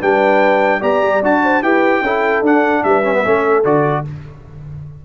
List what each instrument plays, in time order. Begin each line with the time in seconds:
0.00 tuba G3, trombone D4, horn B4, trumpet G5
0.80 tuba B3, trombone G4, horn D5, trumpet A#5
1.02 tuba G3
1.22 tuba D4, trombone F#4, trumpet A5
1.43 horn C5
1.62 tuba E4, trombone G4, horn B4, trumpet G5
2.01 tuba C#4, trombone E4, horn A4
2.41 tuba D4, trombone D4, trumpet F#5
2.83 tuba G3, horn B4, trumpet E5
3.03 trombone C#4
3.13 trombone B3
3.23 tuba A3, trombone C#4, horn A4
3.64 tuba D3, trombone F#4, trumpet D5